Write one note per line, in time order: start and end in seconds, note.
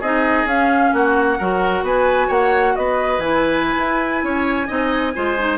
0.00 0.45 C4
0.00 0.48 D#4
0.00 0.91 G#4
0.00 0.47 D#5
0.45 0.90 C#4
0.45 1.39 C#4
0.45 0.93 F5
0.93 1.39 A#3
0.93 1.39 F#4
0.93 1.84 F#5
1.39 1.82 F#3
1.39 3.21 F#4
1.39 1.84 A#4
1.82 2.28 B3
1.82 2.28 B4
1.82 2.31 G#5
2.28 2.75 A#3
2.28 2.73 C#5
2.28 2.76 F#5
2.76 3.18 B3
2.76 4.25 B4
2.76 3.20 D#5
3.18 3.75 E3
3.18 4.68 E4
3.18 5.58 G#5
3.78 4.23 E4
4.23 4.69 C#4
4.23 4.67 C#5
4.67 5.15 C4
4.67 5.13 D#4
4.67 5.13 D#5
5.15 5.58 G#3
5.15 5.37 F4
5.15 5.58 C5
5.39 5.58 D#4